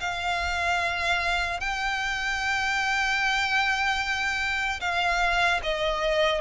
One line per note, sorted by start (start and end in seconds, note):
0.00 1.60 F5
1.60 4.80 G5
4.80 5.60 F5
5.63 6.41 D#5